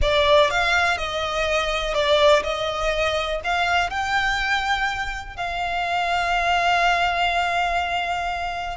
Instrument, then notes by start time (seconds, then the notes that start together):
violin
0.01 D5
0.50 F5
0.97 D#5
1.94 D5
2.43 D#5
3.43 F5
3.90 G5
5.36 F5